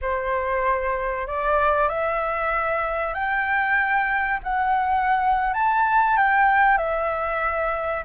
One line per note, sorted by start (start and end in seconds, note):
0.01 1.27 C5
1.27 1.88 D5
1.88 3.13 E5
3.13 4.40 G5
4.43 5.53 F#5
5.53 6.16 A5
6.16 6.77 G5
6.77 8.04 E5